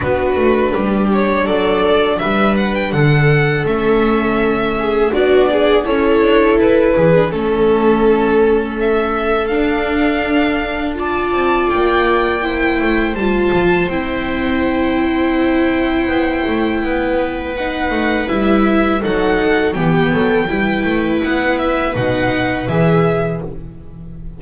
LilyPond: <<
  \new Staff \with { instrumentName = "violin" } { \time 4/4 \tempo 4 = 82 b'4. cis''8 d''4 e''8 fis''16 g''16 | fis''4 e''2 d''4 | cis''4 b'4 a'2 | e''4 f''2 a''4 |
g''2 a''4 g''4~ | g''1 | fis''4 e''4 fis''4 g''4~ | g''4 fis''8 e''8 fis''4 e''4 | }
  \new Staff \with { instrumentName = "viola" } { \time 4/4 fis'4 g'4 a'4 b'4 | a'2~ a'8 gis'8 fis'8 gis'8 | a'4. gis'8 a'2~ | a'2. d''4~ |
d''4 c''2.~ | c''2. b'4~ | b'2 a'4 g'8 a'8 | b'1 | }
  \new Staff \with { instrumentName = "viola" } { \time 4/4 d'1~ | d'4 cis'2 d'4 | e'4.~ e'16 d'16 cis'2~ | cis'4 d'2 f'4~ |
f'4 e'4 f'4 e'4~ | e'1 | dis'4 e'4 dis'4 b4 | e'2 dis'4 gis'4 | }
  \new Staff \with { instrumentName = "double bass" } { \time 4/4 b8 a8 g4 fis4 g4 | d4 a2 b4 | cis'8 d'8 e'8 e8 a2~ | a4 d'2~ d'8 c'8 |
ais4. a8 g8 f8 c'4~ | c'2 b8 a8 b4~ | b8 a8 g4 fis4 e8 fis8 | g8 a8 b4 b,4 e4 | }
>>